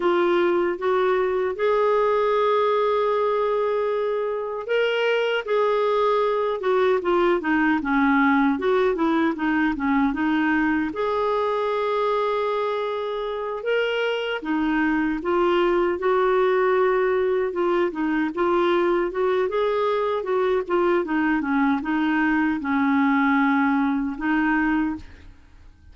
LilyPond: \new Staff \with { instrumentName = "clarinet" } { \time 4/4 \tempo 4 = 77 f'4 fis'4 gis'2~ | gis'2 ais'4 gis'4~ | gis'8 fis'8 f'8 dis'8 cis'4 fis'8 e'8 | dis'8 cis'8 dis'4 gis'2~ |
gis'4. ais'4 dis'4 f'8~ | f'8 fis'2 f'8 dis'8 f'8~ | f'8 fis'8 gis'4 fis'8 f'8 dis'8 cis'8 | dis'4 cis'2 dis'4 | }